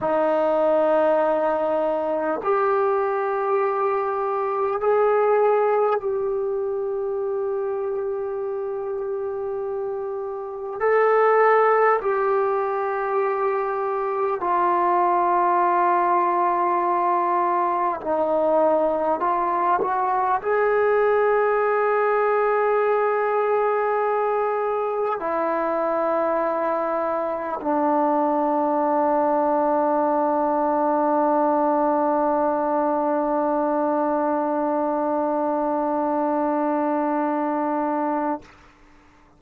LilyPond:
\new Staff \with { instrumentName = "trombone" } { \time 4/4 \tempo 4 = 50 dis'2 g'2 | gis'4 g'2.~ | g'4 a'4 g'2 | f'2. dis'4 |
f'8 fis'8 gis'2.~ | gis'4 e'2 d'4~ | d'1~ | d'1 | }